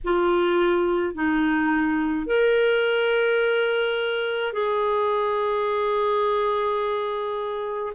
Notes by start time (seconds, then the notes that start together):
0.04 F4
1.14 D#4
2.26 A#4
4.53 G#4